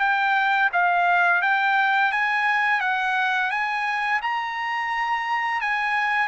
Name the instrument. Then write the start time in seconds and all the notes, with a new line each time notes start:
trumpet
0.00 G5
0.73 F5
1.42 G5
2.12 G#5
2.81 F#5
3.50 G#5
4.22 A#5
5.61 G#5